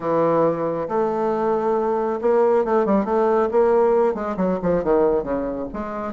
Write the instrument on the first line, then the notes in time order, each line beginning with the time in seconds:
bassoon
0.00 E3
0.88 A3
2.21 A#3
2.65 A3
2.85 G3
3.04 A3
3.51 A#3
4.14 G#3
4.37 F#3
4.62 F3
4.83 D#3
5.23 C#3
5.73 G#3